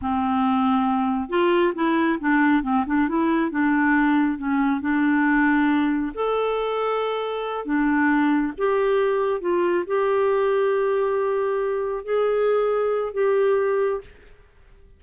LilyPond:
\new Staff \with { instrumentName = "clarinet" } { \time 4/4 \tempo 4 = 137 c'2. f'4 | e'4 d'4 c'8 d'8 e'4 | d'2 cis'4 d'4~ | d'2 a'2~ |
a'4. d'2 g'8~ | g'4. f'4 g'4.~ | g'2.~ g'8 gis'8~ | gis'2 g'2 | }